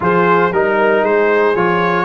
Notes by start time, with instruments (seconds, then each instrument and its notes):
0.00 tuba F3, trombone F4, horn G#4, trumpet C5
0.51 tuba G3, trombone D#4, trumpet A#4, horn A#4
1.02 tuba G#3, horn G#4, trumpet C5
1.55 tuba F3, trombone F4, trumpet C#5